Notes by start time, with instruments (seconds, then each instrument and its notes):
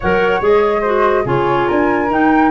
0.00 tuba F#3, clarinet A#4, flute C#5 F#5
0.41 tuba G#3, clarinet G#4, flute D#5
0.81 clarinet F#4, flute C5
1.24 tuba C#3, clarinet F4, flute G#4 C#5
1.67 tuba D4, flute A#4 G#5
2.09 clarinet D#4, tuba D#4, flute G5